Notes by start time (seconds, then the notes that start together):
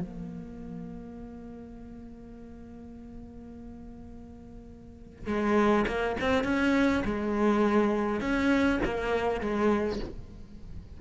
0.00 A#3
5.26 G#3
5.87 A#3
6.20 C4
6.44 C#4
7.04 G#3
8.20 C#4
8.84 A#3
9.40 G#3